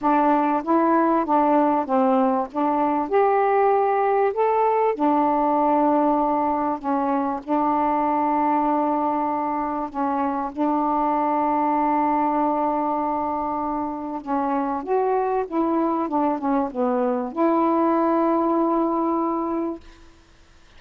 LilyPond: \new Staff \with { instrumentName = "saxophone" } { \time 4/4 \tempo 4 = 97 d'4 e'4 d'4 c'4 | d'4 g'2 a'4 | d'2. cis'4 | d'1 |
cis'4 d'2.~ | d'2. cis'4 | fis'4 e'4 d'8 cis'8 b4 | e'1 | }